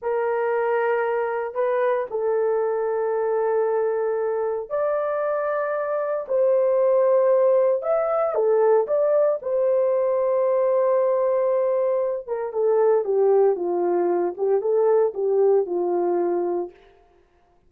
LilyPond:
\new Staff \with { instrumentName = "horn" } { \time 4/4 \tempo 4 = 115 ais'2. b'4 | a'1~ | a'4 d''2. | c''2. e''4 |
a'4 d''4 c''2~ | c''2.~ c''8 ais'8 | a'4 g'4 f'4. g'8 | a'4 g'4 f'2 | }